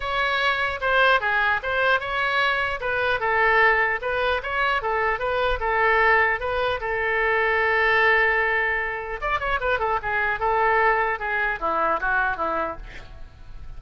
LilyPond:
\new Staff \with { instrumentName = "oboe" } { \time 4/4 \tempo 4 = 150 cis''2 c''4 gis'4 | c''4 cis''2 b'4 | a'2 b'4 cis''4 | a'4 b'4 a'2 |
b'4 a'2.~ | a'2. d''8 cis''8 | b'8 a'8 gis'4 a'2 | gis'4 e'4 fis'4 e'4 | }